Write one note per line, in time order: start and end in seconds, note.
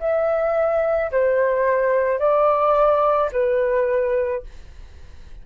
0.00 1.11 E5
1.12 2.19 C5
2.19 3.30 D5
3.32 4.43 B4